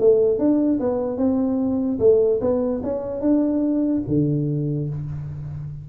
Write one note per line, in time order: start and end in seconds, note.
0.00 0.39 A3
0.39 0.80 D4
0.80 1.18 B3
1.18 1.99 C4
2.00 2.40 A3
2.41 2.82 B3
2.84 3.22 C#4
3.22 4.03 D4
4.08 4.90 D3